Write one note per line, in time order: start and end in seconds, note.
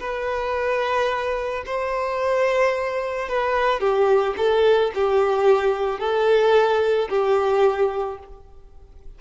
0.00 1.64 B4
1.66 3.29 C5
3.29 3.80 B4
3.80 4.35 G4
4.37 4.91 A4
4.94 5.99 G4
5.99 7.08 A4
7.09 8.18 G4